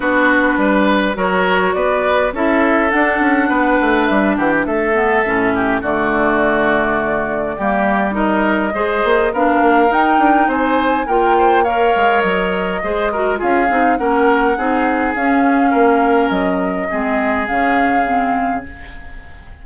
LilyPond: <<
  \new Staff \with { instrumentName = "flute" } { \time 4/4 \tempo 4 = 103 b'2 cis''4 d''4 | e''4 fis''2 e''8 fis''16 g''16 | e''2 d''2~ | d''2 dis''2 |
f''4 g''4 gis''4 g''4 | f''4 dis''2 f''4 | fis''2 f''2 | dis''2 f''2 | }
  \new Staff \with { instrumentName = "oboe" } { \time 4/4 fis'4 b'4 ais'4 b'4 | a'2 b'4. g'8 | a'4. g'8 fis'2~ | fis'4 g'4 ais'4 c''4 |
ais'2 c''4 ais'8 c''8 | cis''2 c''8 ais'8 gis'4 | ais'4 gis'2 ais'4~ | ais'4 gis'2. | }
  \new Staff \with { instrumentName = "clarinet" } { \time 4/4 d'2 fis'2 | e'4 d'2.~ | d'8 b8 cis'4 a2~ | a4 ais4 dis'4 gis'4 |
d'4 dis'2 f'4 | ais'2 gis'8 fis'8 f'8 dis'8 | cis'4 dis'4 cis'2~ | cis'4 c'4 cis'4 c'4 | }
  \new Staff \with { instrumentName = "bassoon" } { \time 4/4 b4 g4 fis4 b4 | cis'4 d'8 cis'8 b8 a8 g8 e8 | a4 a,4 d2~ | d4 g2 gis8 ais8 |
b8 ais8 dis'8 d'8 c'4 ais4~ | ais8 gis8 fis4 gis4 cis'8 c'8 | ais4 c'4 cis'4 ais4 | fis4 gis4 cis2 | }
>>